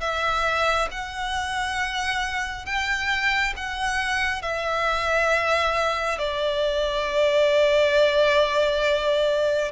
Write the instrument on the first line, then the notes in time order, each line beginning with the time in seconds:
violin
0.00 E5
0.91 F#5
2.65 G5
3.56 F#5
4.42 E5
6.18 D5